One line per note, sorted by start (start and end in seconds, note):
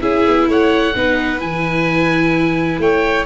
0.00 0.25 C#4
0.00 0.93 E4
0.00 0.48 G#4
0.00 0.48 E5
0.27 0.48 B3
0.48 0.94 A3
0.48 0.95 C#5
0.48 1.41 F#5
0.95 1.41 B3
0.95 1.38 D#4
0.95 2.81 B4
1.38 2.78 E3
1.38 3.24 E4
1.38 2.80 G#5
2.78 3.25 A3
2.78 3.26 C#5
2.78 3.26 G5